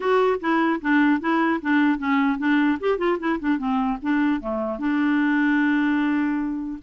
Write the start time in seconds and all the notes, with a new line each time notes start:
0.00 F#4
0.40 E4
0.81 D4
1.20 E4
1.61 D4
1.98 C#4
2.38 D4
2.80 G4
2.97 F4
3.19 E4
3.39 D4
3.58 C4
4.02 D4
4.40 A3
4.79 D4